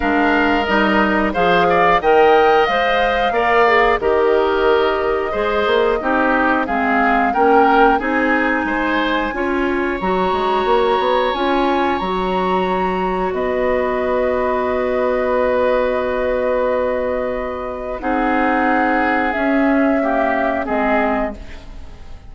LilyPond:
<<
  \new Staff \with { instrumentName = "flute" } { \time 4/4 \tempo 4 = 90 f''4 dis''4 f''4 g''4 | f''2 dis''2~ | dis''2 f''4 g''4 | gis''2. ais''4~ |
ais''4 gis''4 ais''2 | dis''1~ | dis''2. fis''4~ | fis''4 e''2 dis''4 | }
  \new Staff \with { instrumentName = "oboe" } { \time 4/4 ais'2 c''8 d''8 dis''4~ | dis''4 d''4 ais'2 | c''4 g'4 gis'4 ais'4 | gis'4 c''4 cis''2~ |
cis''1 | b'1~ | b'2. gis'4~ | gis'2 g'4 gis'4 | }
  \new Staff \with { instrumentName = "clarinet" } { \time 4/4 d'4 dis'4 gis'4 ais'4 | c''4 ais'8 gis'8 g'2 | gis'4 dis'4 c'4 cis'4 | dis'2 f'4 fis'4~ |
fis'4 f'4 fis'2~ | fis'1~ | fis'2. dis'4~ | dis'4 cis'4 ais4 c'4 | }
  \new Staff \with { instrumentName = "bassoon" } { \time 4/4 gis4 g4 f4 dis4 | gis4 ais4 dis2 | gis8 ais8 c'4 gis4 ais4 | c'4 gis4 cis'4 fis8 gis8 |
ais8 b8 cis'4 fis2 | b1~ | b2. c'4~ | c'4 cis'2 gis4 | }
>>